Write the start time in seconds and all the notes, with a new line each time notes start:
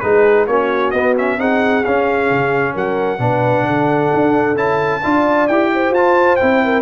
0.00 G#3 D#4 G#4 B4
0.47 A#3 C#4 F#4 C#5
0.91 B3 D#5
0.97 B3
1.17 C#4 E5
1.38 C4 D#4 G#4 F#5
1.84 C#4 F5
2.30 C#3
2.74 F#3 A#4 F#5
3.19 B2 D4 B4
3.63 D3 A4
4.14 D4
4.55 C#4 E4 A5
5.02 D4 F4 D5
5.47 E4 G4 G5
5.73 C5
5.90 F4 A5
6.36 E4 G5
6.42 C4
6.64 A#4